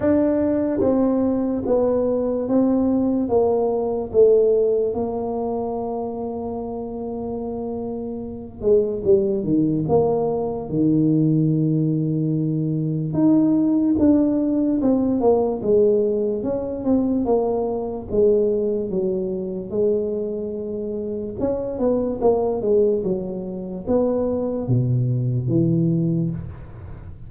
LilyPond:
\new Staff \with { instrumentName = "tuba" } { \time 4/4 \tempo 4 = 73 d'4 c'4 b4 c'4 | ais4 a4 ais2~ | ais2~ ais8 gis8 g8 dis8 | ais4 dis2. |
dis'4 d'4 c'8 ais8 gis4 | cis'8 c'8 ais4 gis4 fis4 | gis2 cis'8 b8 ais8 gis8 | fis4 b4 b,4 e4 | }